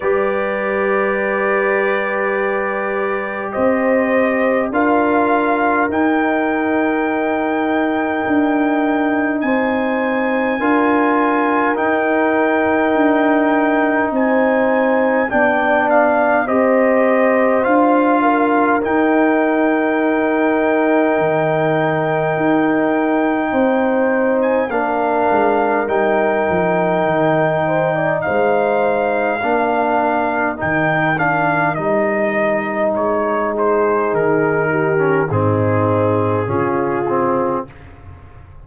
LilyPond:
<<
  \new Staff \with { instrumentName = "trumpet" } { \time 4/4 \tempo 4 = 51 d''2. dis''4 | f''4 g''2. | gis''2 g''2 | gis''4 g''8 f''8 dis''4 f''4 |
g''1~ | g''8. gis''16 f''4 g''2 | f''2 g''8 f''8 dis''4 | cis''8 c''8 ais'4 gis'2 | }
  \new Staff \with { instrumentName = "horn" } { \time 4/4 b'2. c''4 | ais'1 | c''4 ais'2. | c''4 d''4 c''4. ais'8~ |
ais'1 | c''4 ais'2~ ais'8 c''16 d''16 | c''4 ais'2.~ | ais'8 gis'4 g'8 dis'4 f'4 | }
  \new Staff \with { instrumentName = "trombone" } { \time 4/4 g'1 | f'4 dis'2.~ | dis'4 f'4 dis'2~ | dis'4 d'4 g'4 f'4 |
dis'1~ | dis'4 d'4 dis'2~ | dis'4 d'4 dis'8 d'8 dis'4~ | dis'4.~ dis'16 cis'16 c'4 cis'8 c'8 | }
  \new Staff \with { instrumentName = "tuba" } { \time 4/4 g2. c'4 | d'4 dis'2 d'4 | c'4 d'4 dis'4 d'4 | c'4 b4 c'4 d'4 |
dis'2 dis4 dis'4 | c'4 ais8 gis8 g8 f8 dis4 | gis4 ais4 dis4 g4 | gis4 dis4 gis,4 cis4 | }
>>